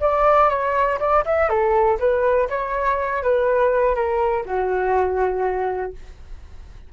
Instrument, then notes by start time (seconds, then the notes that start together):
flute
0.00 D5
0.49 C#5
0.99 D5
1.25 E5
1.49 A4
1.99 B4
2.49 C#5
3.23 B4
3.95 A#4
4.45 F#4